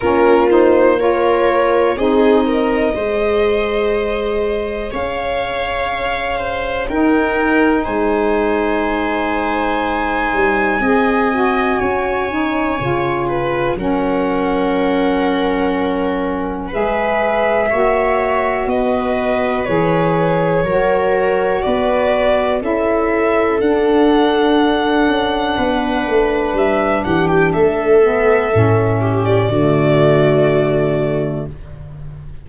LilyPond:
<<
  \new Staff \with { instrumentName = "violin" } { \time 4/4 \tempo 4 = 61 ais'8 c''8 cis''4 dis''2~ | dis''4 f''2 g''4 | gis''1~ | gis''2 fis''2~ |
fis''4 e''2 dis''4 | cis''2 d''4 e''4 | fis''2. e''8 fis''16 g''16 | e''4.~ e''16 d''2~ d''16 | }
  \new Staff \with { instrumentName = "viola" } { \time 4/4 f'4 ais'4 gis'8 ais'8 c''4~ | c''4 cis''4. c''8 ais'4 | c''2. dis''4 | cis''4. b'8 ais'2~ |
ais'4 b'4 cis''4 b'4~ | b'4 ais'4 b'4 a'4~ | a'2 b'4. g'8 | a'4. g'8 fis'2 | }
  \new Staff \with { instrumentName = "saxophone" } { \time 4/4 cis'8 dis'8 f'4 dis'4 gis'4~ | gis'2. dis'4~ | dis'2. gis'8 fis'8~ | fis'8 dis'8 f'4 cis'2~ |
cis'4 gis'4 fis'2 | gis'4 fis'2 e'4 | d'1~ | d'8 b8 cis'4 a2 | }
  \new Staff \with { instrumentName = "tuba" } { \time 4/4 ais2 c'4 gis4~ | gis4 cis'2 dis'4 | gis2~ gis8 g8 c'4 | cis'4 cis4 fis2~ |
fis4 gis4 ais4 b4 | e4 fis4 b4 cis'4 | d'4. cis'8 b8 a8 g8 e8 | a4 a,4 d2 | }
>>